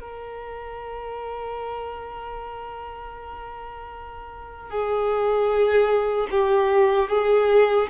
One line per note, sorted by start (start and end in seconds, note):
0.00 4.70 A#4
4.70 6.28 G#4
6.31 7.09 G4
7.09 7.88 G#4